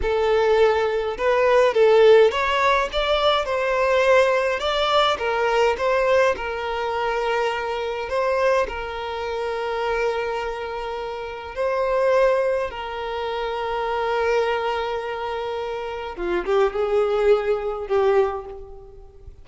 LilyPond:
\new Staff \with { instrumentName = "violin" } { \time 4/4 \tempo 4 = 104 a'2 b'4 a'4 | cis''4 d''4 c''2 | d''4 ais'4 c''4 ais'4~ | ais'2 c''4 ais'4~ |
ais'1 | c''2 ais'2~ | ais'1 | f'8 g'8 gis'2 g'4 | }